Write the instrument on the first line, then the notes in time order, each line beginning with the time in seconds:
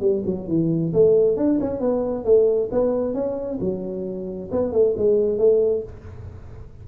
tuba
0.00 G3
0.25 F#3
0.47 E3
0.93 A3
1.36 D4
1.60 C#4
1.80 B3
2.24 A3
2.71 B3
3.14 C#4
3.60 F#3
4.51 B3
4.72 A3
4.97 G#3
5.38 A3